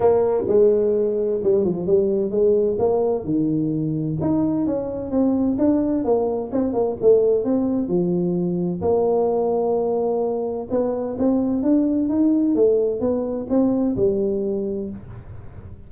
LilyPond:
\new Staff \with { instrumentName = "tuba" } { \time 4/4 \tempo 4 = 129 ais4 gis2 g8 f8 | g4 gis4 ais4 dis4~ | dis4 dis'4 cis'4 c'4 | d'4 ais4 c'8 ais8 a4 |
c'4 f2 ais4~ | ais2. b4 | c'4 d'4 dis'4 a4 | b4 c'4 g2 | }